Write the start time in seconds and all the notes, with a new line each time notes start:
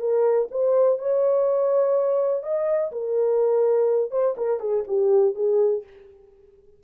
0.00 A#4
0.51 C5
0.99 C#5
2.43 D#5
2.92 A#4
4.11 C5
4.37 A#4
4.60 G#4
4.87 G4
5.35 G#4